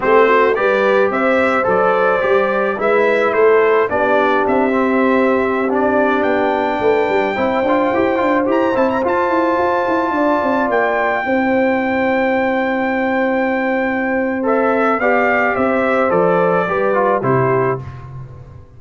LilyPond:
<<
  \new Staff \with { instrumentName = "trumpet" } { \time 4/4 \tempo 4 = 108 c''4 d''4 e''4 d''4~ | d''4 e''4 c''4 d''4 | e''2~ e''16 d''4 g''8.~ | g''2.~ g''16 ais''8 a''16 |
ais''16 a''2. g''8.~ | g''1~ | g''2 e''4 f''4 | e''4 d''2 c''4 | }
  \new Staff \with { instrumentName = "horn" } { \time 4/4 g'8 fis'8 b'4 c''2~ | c''4 b'4 a'4 g'4~ | g'1~ | g'16 b'4 c''2~ c''8.~ |
c''2~ c''16 d''4.~ d''16~ | d''16 c''2.~ c''8.~ | c''2. d''4 | c''2 b'4 g'4 | }
  \new Staff \with { instrumentName = "trombone" } { \time 4/4 c'4 g'2 a'4 | g'4 e'2 d'4~ | d'8 c'4.~ c'16 d'4.~ d'16~ | d'4~ d'16 e'8 f'8 g'8 f'8 g'8 e'16~ |
e'16 f'2.~ f'8.~ | f'16 e'2.~ e'8.~ | e'2 a'4 g'4~ | g'4 a'4 g'8 f'8 e'4 | }
  \new Staff \with { instrumentName = "tuba" } { \time 4/4 a4 g4 c'4 fis4 | g4 gis4 a4 b4 | c'2.~ c'16 b8.~ | b16 a8 g8 c'8 d'8 e'8 d'8 e'8 c'16~ |
c'16 f'8 e'8 f'8 e'8 d'8 c'8 ais8.~ | ais16 c'2.~ c'8.~ | c'2. b4 | c'4 f4 g4 c4 | }
>>